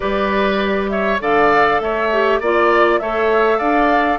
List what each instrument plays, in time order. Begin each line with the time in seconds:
0.00 bassoon G3, clarinet G4, oboe B4, flute D5
0.89 oboe C#5, flute E5
1.19 bassoon D3, clarinet A4, oboe D5, flute F5
1.79 bassoon A3, oboe C#5, flute E5
2.12 clarinet G4
2.40 bassoon A#3, clarinet F4, oboe D5, flute D5
2.99 bassoon A3, clarinet A4, oboe C#5, flute E5
3.58 bassoon D4, oboe D5, flute F5